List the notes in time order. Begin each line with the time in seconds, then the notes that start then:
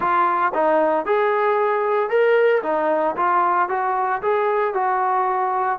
0.00 F4
0.54 D#4
1.05 G#4
2.09 A#4
2.62 D#4
3.16 F4
3.68 F#4
4.22 G#4
4.73 F#4